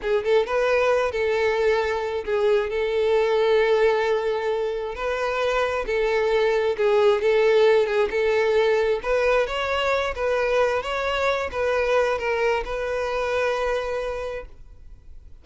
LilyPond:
\new Staff \with { instrumentName = "violin" } { \time 4/4 \tempo 4 = 133 gis'8 a'8 b'4. a'4.~ | a'4 gis'4 a'2~ | a'2. b'4~ | b'4 a'2 gis'4 |
a'4. gis'8 a'2 | b'4 cis''4. b'4. | cis''4. b'4. ais'4 | b'1 | }